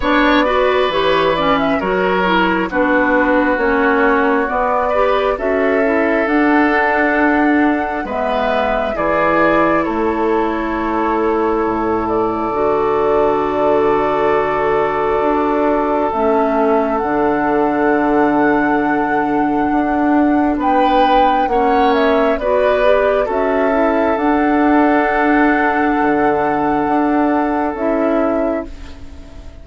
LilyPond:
<<
  \new Staff \with { instrumentName = "flute" } { \time 4/4 \tempo 4 = 67 d''4 cis''8 d''16 e''16 cis''4 b'4 | cis''4 d''4 e''4 fis''4~ | fis''4 e''4 d''4 cis''4~ | cis''4. d''2~ d''8~ |
d''2 e''4 fis''4~ | fis''2. g''4 | fis''8 e''8 d''4 e''4 fis''4~ | fis''2. e''4 | }
  \new Staff \with { instrumentName = "oboe" } { \time 4/4 cis''8 b'4. ais'4 fis'4~ | fis'4. b'8 a'2~ | a'4 b'4 gis'4 a'4~ | a'1~ |
a'1~ | a'2. b'4 | cis''4 b'4 a'2~ | a'1 | }
  \new Staff \with { instrumentName = "clarinet" } { \time 4/4 d'8 fis'8 g'8 cis'8 fis'8 e'8 d'4 | cis'4 b8 g'8 fis'8 e'8 d'4~ | d'4 b4 e'2~ | e'2 fis'2~ |
fis'2 cis'4 d'4~ | d'1 | cis'4 fis'8 g'8 fis'8 e'8 d'4~ | d'2. e'4 | }
  \new Staff \with { instrumentName = "bassoon" } { \time 4/4 b4 e4 fis4 b4 | ais4 b4 cis'4 d'4~ | d'4 gis4 e4 a4~ | a4 a,4 d2~ |
d4 d'4 a4 d4~ | d2 d'4 b4 | ais4 b4 cis'4 d'4~ | d'4 d4 d'4 cis'4 | }
>>